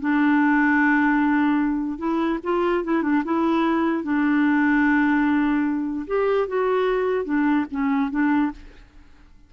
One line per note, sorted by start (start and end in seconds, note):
0.00 1.98 D4
1.98 2.39 E4
2.43 2.84 F4
2.84 3.02 E4
3.02 3.23 D4
3.24 4.03 E4
4.03 6.06 D4
6.07 6.47 G4
6.48 7.25 F#4
7.25 7.65 D4
7.71 8.10 C#4
8.10 8.51 D4